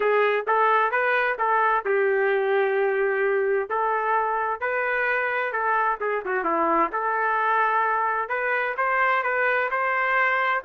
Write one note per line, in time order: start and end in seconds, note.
0.00 0.45 G#4
0.47 0.91 A4
0.91 1.37 B4
1.38 1.84 A4
1.85 3.69 G4
3.69 4.60 A4
4.60 5.52 B4
5.52 5.98 A4
6.00 6.23 G#4
6.25 6.44 F#4
6.44 6.90 E4
6.92 8.28 A4
8.28 8.75 B4
8.77 9.23 C5
9.23 9.69 B4
9.70 10.63 C5